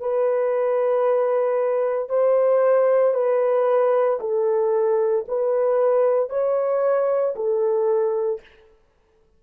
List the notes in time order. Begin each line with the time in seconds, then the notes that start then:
0.00 B4
2.09 C5
3.14 B4
4.20 A4
5.28 B4
6.29 C#5
7.35 A4